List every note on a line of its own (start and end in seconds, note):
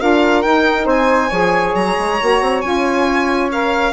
0.00 0.45 D4
0.00 0.43 F4
0.00 0.86 A#4
0.00 0.42 F5
0.42 1.31 D#4
0.42 0.85 D#4
0.42 0.85 G5
0.85 1.29 C4
0.85 1.29 C5
0.85 1.75 G#5
1.29 1.74 F3
1.29 2.19 G#4
1.29 3.92 C#5
1.74 1.96 F#3
1.74 2.61 A#5
1.98 2.20 G#3
2.20 2.41 A#3
2.20 2.63 F#4
2.41 2.63 C4
2.61 3.93 C#4
2.61 3.50 F4
2.61 3.49 G#5
3.51 3.93 A#4
3.51 3.93 F5